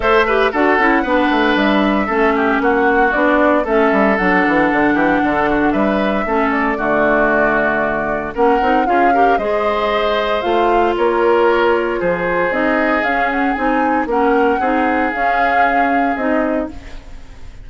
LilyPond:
<<
  \new Staff \with { instrumentName = "flute" } { \time 4/4 \tempo 4 = 115 e''4 fis''2 e''4~ | e''4 fis''4 d''4 e''4 | fis''2. e''4~ | e''8 d''2.~ d''8 |
fis''4 f''4 dis''2 | f''4 cis''2 c''4 | dis''4 f''8 fis''8 gis''4 fis''4~ | fis''4 f''2 dis''4 | }
  \new Staff \with { instrumentName = "oboe" } { \time 4/4 c''8 b'8 a'4 b'2 | a'8 g'8 fis'2 a'4~ | a'4. g'8 a'8 fis'8 b'4 | a'4 fis'2. |
ais'4 gis'8 ais'8 c''2~ | c''4 ais'2 gis'4~ | gis'2. ais'4 | gis'1 | }
  \new Staff \with { instrumentName = "clarinet" } { \time 4/4 a'8 g'8 fis'8 e'8 d'2 | cis'2 d'4 cis'4 | d'1 | cis'4 a2. |
cis'8 dis'8 f'8 g'8 gis'2 | f'1 | dis'4 cis'4 dis'4 cis'4 | dis'4 cis'2 dis'4 | }
  \new Staff \with { instrumentName = "bassoon" } { \time 4/4 a4 d'8 cis'8 b8 a8 g4 | a4 ais4 b4 a8 g8 | fis8 e8 d8 e8 d4 g4 | a4 d2. |
ais8 c'8 cis'4 gis2 | a4 ais2 f4 | c'4 cis'4 c'4 ais4 | c'4 cis'2 c'4 | }
>>